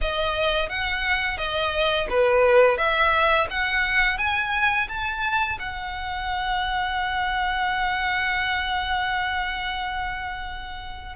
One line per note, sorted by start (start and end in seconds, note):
0.01 0.69 D#5
0.69 1.37 F#5
1.37 2.07 D#5
2.09 2.77 B4
2.77 3.47 E5
3.49 4.18 F#5
4.18 4.87 G#5
4.88 5.58 A5
5.59 11.15 F#5